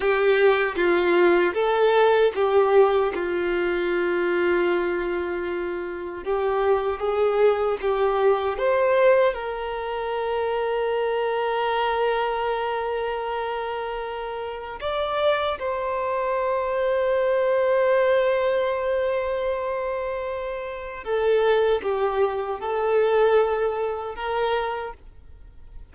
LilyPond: \new Staff \with { instrumentName = "violin" } { \time 4/4 \tempo 4 = 77 g'4 f'4 a'4 g'4 | f'1 | g'4 gis'4 g'4 c''4 | ais'1~ |
ais'2. d''4 | c''1~ | c''2. a'4 | g'4 a'2 ais'4 | }